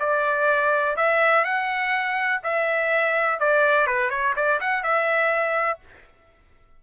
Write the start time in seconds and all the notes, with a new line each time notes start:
0.00 D5
0.97 E5
1.45 F#5
2.44 E5
3.40 D5
3.87 B4
4.10 C#5
4.36 D5
4.61 F#5
4.83 E5